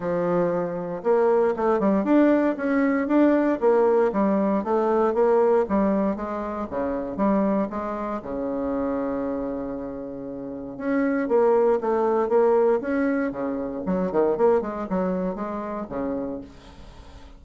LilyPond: \new Staff \with { instrumentName = "bassoon" } { \time 4/4 \tempo 4 = 117 f2 ais4 a8 g8 | d'4 cis'4 d'4 ais4 | g4 a4 ais4 g4 | gis4 cis4 g4 gis4 |
cis1~ | cis4 cis'4 ais4 a4 | ais4 cis'4 cis4 fis8 dis8 | ais8 gis8 fis4 gis4 cis4 | }